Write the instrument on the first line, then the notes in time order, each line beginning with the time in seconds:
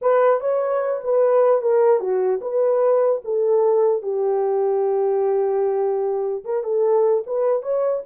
horn
0.01 B4
0.40 C#5
1.04 B4
1.61 A#4
1.99 F#4
2.41 B4
3.24 A4
4.02 G4
6.44 A#4
6.63 A4
7.26 B4
7.62 C#5